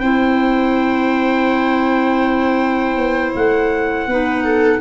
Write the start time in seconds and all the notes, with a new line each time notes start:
0.00 C4 E4 C5 G5
2.96 B3
3.35 A3 F#5
4.06 B3 D#4 B4
4.44 A4